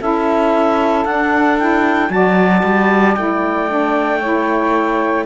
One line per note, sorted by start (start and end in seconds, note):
0.00 1.05 C#4
0.00 1.06 E4
0.00 2.11 A4
0.00 1.05 E5
1.05 2.10 D4
1.05 1.59 D4
1.05 1.58 F#5
1.58 2.09 E4
1.58 2.11 G5
2.09 2.63 F#3
2.09 3.14 F#4
2.09 4.20 D5
2.09 3.15 A5
2.64 3.16 G3
3.15 5.26 A3
3.15 3.69 E4
3.15 5.26 G5
3.69 4.21 D4
4.20 5.26 E4
4.20 5.25 C#5